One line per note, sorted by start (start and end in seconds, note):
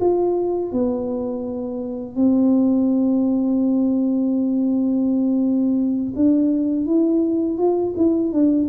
0.00 0.72 F4
0.72 2.15 B3
2.15 6.13 C4
6.15 6.86 D4
6.86 7.58 E4
7.58 7.94 F4
7.96 8.32 E4
8.32 8.68 D4